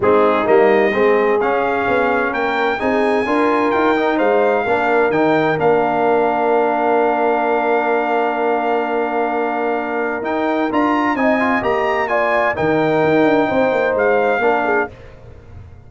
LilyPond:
<<
  \new Staff \with { instrumentName = "trumpet" } { \time 4/4 \tempo 4 = 129 gis'4 dis''2 f''4~ | f''4 g''4 gis''2 | g''4 f''2 g''4 | f''1~ |
f''1~ | f''2 g''4 ais''4 | gis''4 ais''4 gis''4 g''4~ | g''2 f''2 | }
  \new Staff \with { instrumentName = "horn" } { \time 4/4 dis'2 gis'2~ | gis'4 ais'4 gis'4 ais'4~ | ais'4 c''4 ais'2~ | ais'1~ |
ais'1~ | ais'1 | dis''2 d''4 ais'4~ | ais'4 c''2 ais'8 gis'8 | }
  \new Staff \with { instrumentName = "trombone" } { \time 4/4 c'4 ais4 c'4 cis'4~ | cis'2 dis'4 f'4~ | f'8 dis'4. d'4 dis'4 | d'1~ |
d'1~ | d'2 dis'4 f'4 | dis'8 f'8 g'4 f'4 dis'4~ | dis'2. d'4 | }
  \new Staff \with { instrumentName = "tuba" } { \time 4/4 gis4 g4 gis4 cis'4 | b4 ais4 c'4 d'4 | dis'4 gis4 ais4 dis4 | ais1~ |
ais1~ | ais2 dis'4 d'4 | c'4 ais2 dis4 | dis'8 d'8 c'8 ais8 gis4 ais4 | }
>>